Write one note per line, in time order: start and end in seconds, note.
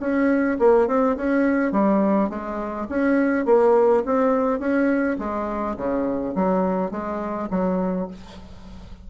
0.00 0.58 C#4
0.59 0.88 A#3
0.88 1.16 C4
1.17 1.72 C#4
1.72 2.29 G3
2.29 2.87 G#3
2.89 3.46 C#4
3.46 4.03 A#3
4.05 4.59 C4
4.59 5.17 C#4
5.19 5.76 G#3
5.77 6.35 C#3
6.35 6.91 F#3
6.91 7.49 G#3
7.50 8.08 F#3